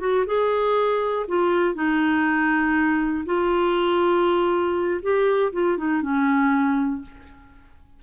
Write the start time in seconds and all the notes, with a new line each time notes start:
0.00 F#4
0.26 G#4
1.28 F4
1.75 D#4
3.25 F4
5.02 G4
5.52 F4
5.77 D#4
6.02 C#4